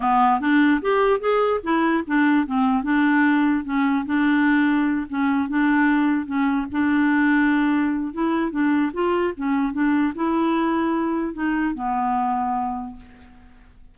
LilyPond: \new Staff \with { instrumentName = "clarinet" } { \time 4/4 \tempo 4 = 148 b4 d'4 g'4 gis'4 | e'4 d'4 c'4 d'4~ | d'4 cis'4 d'2~ | d'8 cis'4 d'2 cis'8~ |
cis'8 d'2.~ d'8 | e'4 d'4 f'4 cis'4 | d'4 e'2. | dis'4 b2. | }